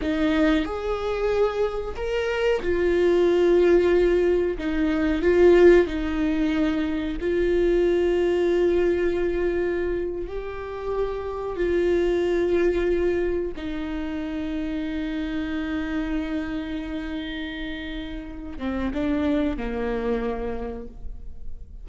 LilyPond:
\new Staff \with { instrumentName = "viola" } { \time 4/4 \tempo 4 = 92 dis'4 gis'2 ais'4 | f'2. dis'4 | f'4 dis'2 f'4~ | f'2.~ f'8. g'16~ |
g'4.~ g'16 f'2~ f'16~ | f'8. dis'2.~ dis'16~ | dis'1~ | dis'8 c'8 d'4 ais2 | }